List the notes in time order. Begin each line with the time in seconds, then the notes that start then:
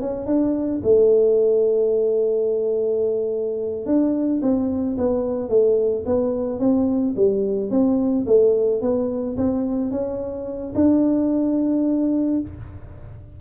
0.00 C#4
0.26 D4
0.83 A3
3.86 D4
4.41 C4
4.97 B3
5.49 A3
6.06 B3
6.59 C4
7.16 G3
7.70 C4
8.26 A3
8.81 B3
9.37 C4
9.91 C#4
10.75 D4